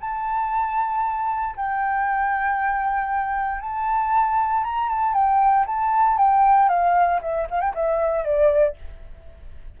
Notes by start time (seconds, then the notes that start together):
0.00 A5
1.56 G5
3.60 A5
4.64 A#5
4.89 A5
5.13 G5
5.66 A5
6.17 G5
6.68 F5
7.21 E5
7.50 F5
7.60 G5
7.74 E5
8.24 D5